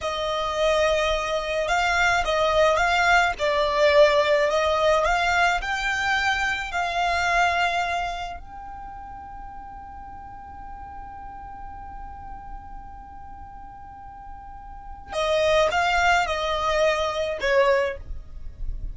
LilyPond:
\new Staff \with { instrumentName = "violin" } { \time 4/4 \tempo 4 = 107 dis''2. f''4 | dis''4 f''4 d''2 | dis''4 f''4 g''2 | f''2. g''4~ |
g''1~ | g''1~ | g''2. dis''4 | f''4 dis''2 cis''4 | }